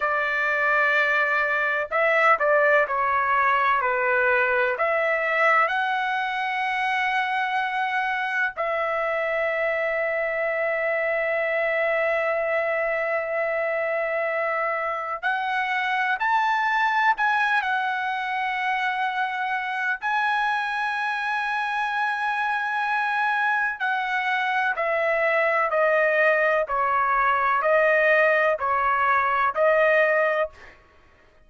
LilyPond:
\new Staff \with { instrumentName = "trumpet" } { \time 4/4 \tempo 4 = 63 d''2 e''8 d''8 cis''4 | b'4 e''4 fis''2~ | fis''4 e''2.~ | e''1 |
fis''4 a''4 gis''8 fis''4.~ | fis''4 gis''2.~ | gis''4 fis''4 e''4 dis''4 | cis''4 dis''4 cis''4 dis''4 | }